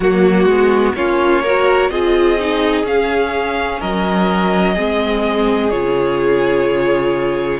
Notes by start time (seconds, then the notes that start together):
0.00 F#3 A#3 F#4
0.45 G#3 B3
0.94 A#3 C#4 F4 C#5
1.42 F#4 A#4
1.89 C4 F4 G#4 D#5
2.39 D#4
2.83 C#4 F5
3.80 F#3 A#4 D#5
4.74 G#3 C4 G#4
5.70 C#3 F4 C#5